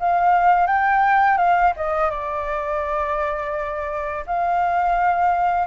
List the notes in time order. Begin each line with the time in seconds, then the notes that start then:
0.00 F5
0.67 G5
1.38 F5
1.77 D#5
2.11 D5
4.27 F5